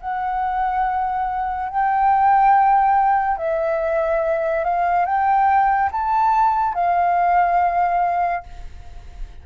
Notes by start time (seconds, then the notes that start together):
0.00 F#5
1.69 G5
3.37 E5
4.64 F5
5.05 G5
5.92 A5
6.74 F5